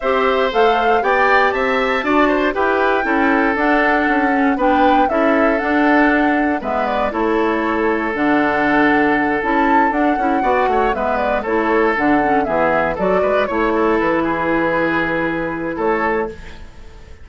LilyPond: <<
  \new Staff \with { instrumentName = "flute" } { \time 4/4 \tempo 4 = 118 e''4 f''4 g''4 a''4~ | a''4 g''2 fis''4~ | fis''4 g''4 e''4 fis''4~ | fis''4 e''8 d''8 cis''2 |
fis''2~ fis''8 a''4 fis''8~ | fis''4. e''8 d''8 cis''4 fis''8~ | fis''8 e''4 d''4 cis''4 b'8~ | b'2. cis''4 | }
  \new Staff \with { instrumentName = "oboe" } { \time 4/4 c''2 d''4 e''4 | d''8 c''8 b'4 a'2~ | a'4 b'4 a'2~ | a'4 b'4 a'2~ |
a'1~ | a'8 d''8 cis''8 b'4 a'4.~ | a'8 gis'4 a'8 b'8 cis''8 a'4 | gis'2. a'4 | }
  \new Staff \with { instrumentName = "clarinet" } { \time 4/4 g'4 a'4 g'2 | fis'4 g'4 e'4 d'4~ | d'8 cis'8 d'4 e'4 d'4~ | d'4 b4 e'2 |
d'2~ d'8 e'4 d'8 | e'8 fis'4 b4 e'4 d'8 | cis'8 b4 fis'4 e'4.~ | e'1 | }
  \new Staff \with { instrumentName = "bassoon" } { \time 4/4 c'4 a4 b4 c'4 | d'4 e'4 cis'4 d'4 | cis'4 b4 cis'4 d'4~ | d'4 gis4 a2 |
d2~ d8 cis'4 d'8 | cis'8 b8 a8 gis4 a4 d8~ | d8 e4 fis8 gis8 a4 e8~ | e2. a4 | }
>>